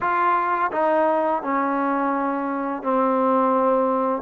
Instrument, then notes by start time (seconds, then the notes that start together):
trombone
0.00 F4
0.72 D#4
1.42 C#4
2.82 C4